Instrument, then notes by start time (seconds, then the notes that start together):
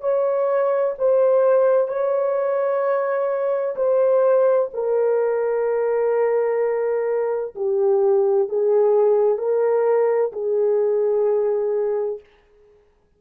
horn
0.00 C#5
0.98 C5
1.88 C#5
3.75 C5
4.73 A#4
7.55 G4
8.48 G#4
9.37 A#4
10.32 G#4